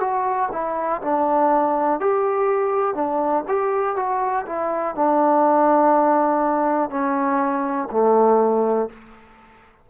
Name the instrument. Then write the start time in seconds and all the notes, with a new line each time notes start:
trombone
0.00 F#4
0.52 E4
1.01 D4
2.00 G4
2.95 D4
3.48 G4
3.96 F#4
4.46 E4
4.95 D4
6.90 C#4
7.91 A3